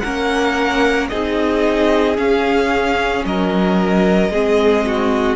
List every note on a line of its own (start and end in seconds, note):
0.00 1.11 A#3
0.00 1.11 C#4
0.00 1.10 A#4
0.00 1.07 F#5
1.09 2.18 C4
1.09 2.16 D#4
1.09 3.25 G#4
1.09 2.16 D#5
2.16 4.30 C#4
2.16 3.25 C#4
2.16 3.25 F5
3.25 4.29 F#3
3.25 4.32 A#4
3.25 5.36 D#5
4.29 5.36 G#3
4.29 5.36 C4
4.29 4.85 G#4
4.86 5.36 F#4